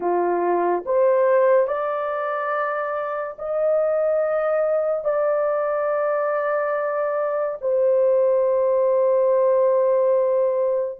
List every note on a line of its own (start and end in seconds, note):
0.00 0.83 F4
0.85 1.67 C5
1.67 3.36 D5
3.38 5.04 D#5
5.04 7.57 D5
7.61 10.99 C5